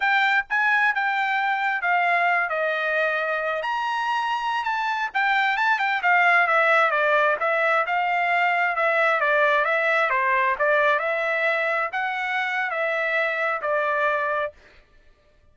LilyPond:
\new Staff \with { instrumentName = "trumpet" } { \time 4/4 \tempo 4 = 132 g''4 gis''4 g''2 | f''4. dis''2~ dis''8 | ais''2~ ais''16 a''4 g''8.~ | g''16 a''8 g''8 f''4 e''4 d''8.~ |
d''16 e''4 f''2 e''8.~ | e''16 d''4 e''4 c''4 d''8.~ | d''16 e''2 fis''4.~ fis''16 | e''2 d''2 | }